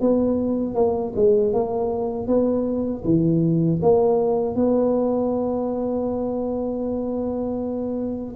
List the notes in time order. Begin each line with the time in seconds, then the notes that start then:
0.00 B3
0.74 A#3
1.15 G#3
1.53 A#3
2.27 B3
3.04 E3
3.81 A#3
4.55 B3